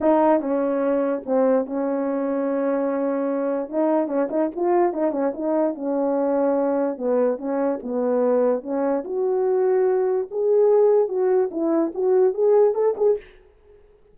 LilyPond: \new Staff \with { instrumentName = "horn" } { \time 4/4 \tempo 4 = 146 dis'4 cis'2 c'4 | cis'1~ | cis'4 dis'4 cis'8 dis'8 f'4 | dis'8 cis'8 dis'4 cis'2~ |
cis'4 b4 cis'4 b4~ | b4 cis'4 fis'2~ | fis'4 gis'2 fis'4 | e'4 fis'4 gis'4 a'8 gis'8 | }